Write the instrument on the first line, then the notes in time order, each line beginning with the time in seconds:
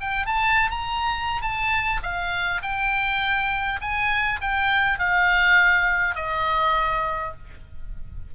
oboe
0.00 G5
0.26 A5
0.70 A#5
1.41 A5
2.02 F5
2.62 G5
3.81 G#5
4.41 G5
4.98 F5
6.15 D#5